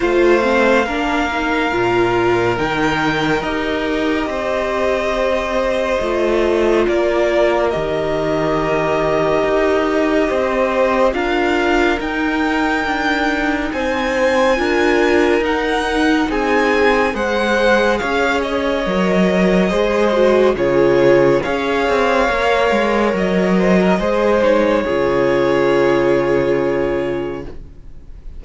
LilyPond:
<<
  \new Staff \with { instrumentName = "violin" } { \time 4/4 \tempo 4 = 70 f''2. g''4 | dis''1 | d''4 dis''2.~ | dis''4 f''4 g''2 |
gis''2 fis''4 gis''4 | fis''4 f''8 dis''2~ dis''8 | cis''4 f''2 dis''4~ | dis''8 cis''2.~ cis''8 | }
  \new Staff \with { instrumentName = "violin" } { \time 4/4 c''4 ais'2.~ | ais'4 c''2. | ais'1 | c''4 ais'2. |
c''4 ais'2 gis'4 | c''4 cis''2 c''4 | gis'4 cis''2~ cis''8 c''16 ais'16 | c''4 gis'2. | }
  \new Staff \with { instrumentName = "viola" } { \time 4/4 f'8 c'8 d'8 dis'8 f'4 dis'4 | g'2. f'4~ | f'4 g'2.~ | g'4 f'4 dis'2~ |
dis'4 f'4 dis'2 | gis'2 ais'4 gis'8 fis'8 | f'4 gis'4 ais'2 | gis'8 dis'8 f'2. | }
  \new Staff \with { instrumentName = "cello" } { \time 4/4 a4 ais4 ais,4 dis4 | dis'4 c'2 a4 | ais4 dis2 dis'4 | c'4 d'4 dis'4 d'4 |
c'4 d'4 dis'4 c'4 | gis4 cis'4 fis4 gis4 | cis4 cis'8 c'8 ais8 gis8 fis4 | gis4 cis2. | }
>>